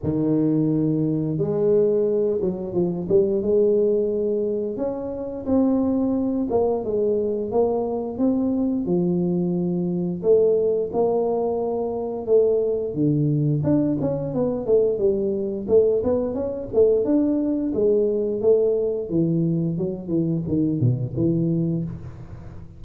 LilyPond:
\new Staff \with { instrumentName = "tuba" } { \time 4/4 \tempo 4 = 88 dis2 gis4. fis8 | f8 g8 gis2 cis'4 | c'4. ais8 gis4 ais4 | c'4 f2 a4 |
ais2 a4 d4 | d'8 cis'8 b8 a8 g4 a8 b8 | cis'8 a8 d'4 gis4 a4 | e4 fis8 e8 dis8 b,8 e4 | }